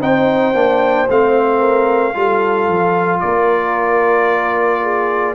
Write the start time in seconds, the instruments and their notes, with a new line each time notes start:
0.00 tuba C4, trombone D#4, horn C5, trumpet G5
0.54 tuba A#3, trombone D4
1.09 tuba A3, trombone C4, trumpet F5
1.59 horn A#4
2.13 tuba G3, trombone F4, horn A4
2.68 tuba F3
3.20 tuba A#3, trumpet D5
3.26 horn A#4
4.83 horn G#4